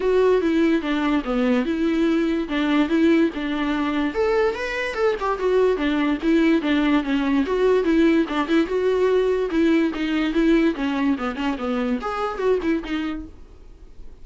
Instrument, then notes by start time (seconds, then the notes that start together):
viola
0.00 F#4
0.41 E4
0.81 D4
1.24 B3
1.65 E4
2.48 D4
2.88 E4
3.34 D4
4.14 A4
4.55 B4
4.94 A4
5.19 G4
5.38 F#4
5.76 D4
6.22 E4
6.61 D4
7.03 C#4
7.46 F#4
7.84 E4
8.28 D4
8.47 E4
8.66 F#4
9.50 E4
9.93 D#4
10.33 E4
10.75 C#4
11.17 B3
11.35 C#4
11.58 B3
12.01 G#4
12.38 F#4
12.62 E4
12.84 D#4